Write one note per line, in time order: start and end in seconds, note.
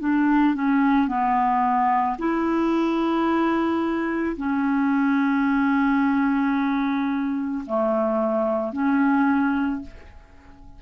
0.00 0.55 D4
0.55 1.08 C#4
1.08 2.17 B3
2.19 4.37 E4
4.37 7.65 C#4
7.67 8.73 A3
8.73 9.82 C#4